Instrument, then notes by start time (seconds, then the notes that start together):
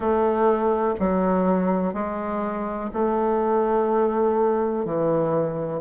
bassoon
0.00 A3
0.99 F#3
1.94 G#3
2.93 A3
4.85 E3